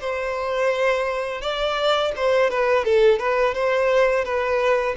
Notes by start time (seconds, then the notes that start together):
0.00 C5
1.41 D5
2.16 C5
2.50 B4
2.85 A4
3.19 B4
3.54 C5
4.24 B4